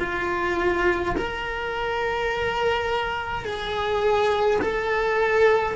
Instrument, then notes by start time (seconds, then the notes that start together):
cello
0.00 F4
1.17 A#4
3.45 G#4
4.62 A4